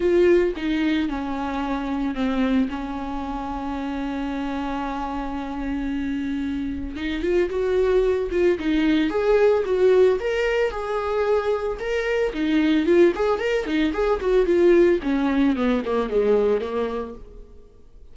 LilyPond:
\new Staff \with { instrumentName = "viola" } { \time 4/4 \tempo 4 = 112 f'4 dis'4 cis'2 | c'4 cis'2.~ | cis'1~ | cis'4 dis'8 f'8 fis'4. f'8 |
dis'4 gis'4 fis'4 ais'4 | gis'2 ais'4 dis'4 | f'8 gis'8 ais'8 dis'8 gis'8 fis'8 f'4 | cis'4 b8 ais8 gis4 ais4 | }